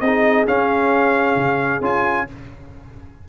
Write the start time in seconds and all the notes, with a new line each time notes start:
0.00 C4 D#4 G#4 D#5
0.47 C#4 F5
1.36 C#3
1.81 C#4 F4 G#5